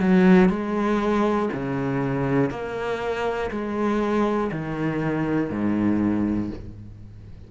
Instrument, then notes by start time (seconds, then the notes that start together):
cello
0.00 F#3
0.49 G#3
1.53 C#3
2.50 A#3
3.51 G#3
4.52 D#3
5.50 G#2